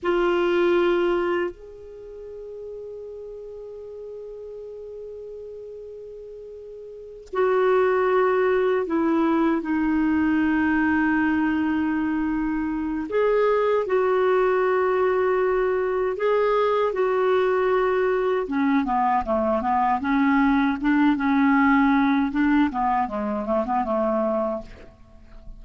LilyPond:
\new Staff \with { instrumentName = "clarinet" } { \time 4/4 \tempo 4 = 78 f'2 gis'2~ | gis'1~ | gis'4. fis'2 e'8~ | e'8 dis'2.~ dis'8~ |
dis'4 gis'4 fis'2~ | fis'4 gis'4 fis'2 | cis'8 b8 a8 b8 cis'4 d'8 cis'8~ | cis'4 d'8 b8 gis8 a16 b16 a4 | }